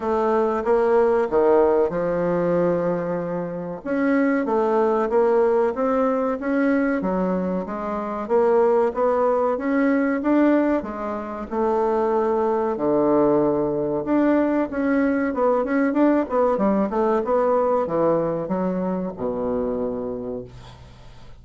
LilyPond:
\new Staff \with { instrumentName = "bassoon" } { \time 4/4 \tempo 4 = 94 a4 ais4 dis4 f4~ | f2 cis'4 a4 | ais4 c'4 cis'4 fis4 | gis4 ais4 b4 cis'4 |
d'4 gis4 a2 | d2 d'4 cis'4 | b8 cis'8 d'8 b8 g8 a8 b4 | e4 fis4 b,2 | }